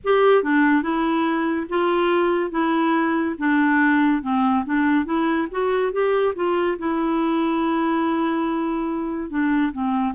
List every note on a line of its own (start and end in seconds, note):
0.03 0.43 G4
0.43 0.82 D4
0.82 1.66 E4
1.69 2.50 F4
2.50 3.35 E4
3.38 4.22 D4
4.22 4.64 C4
4.65 5.05 D4
5.05 5.47 E4
5.51 5.92 F#4
5.92 6.34 G4
6.35 6.77 F4
6.78 9.30 E4
9.30 9.72 D4
9.72 10.14 C4